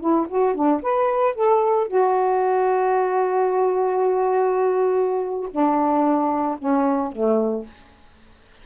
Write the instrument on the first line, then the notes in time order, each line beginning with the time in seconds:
saxophone
0.00 E4
0.28 F#4
0.55 D4
0.82 B4
1.35 A4
1.87 F#4
5.51 D4
6.58 C#4
7.12 A3